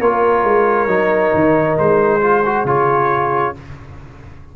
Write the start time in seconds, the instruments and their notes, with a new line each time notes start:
0.00 tuba A#3, trombone F4, horn A#4, trumpet C#5
0.44 tuba G#3
0.88 tuba F#3, trombone D#4
1.34 tuba D#3
1.79 tuba G#3, trumpet C5
2.21 trombone F4, horn G#4
2.46 trombone F#4
2.65 tuba C#3, trombone F4, trumpet C#5